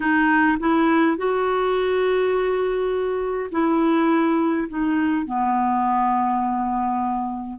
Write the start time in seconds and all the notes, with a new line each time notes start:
0.00 D#4
0.59 E4
1.17 F#4
3.51 E4
4.68 D#4
5.26 B3